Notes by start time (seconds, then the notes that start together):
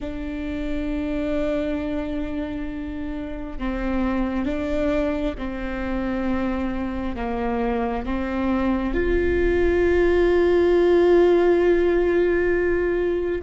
0.00 D4
3.58 C4
4.45 D4
5.37 C4
7.16 A#3
8.05 C4
8.93 F4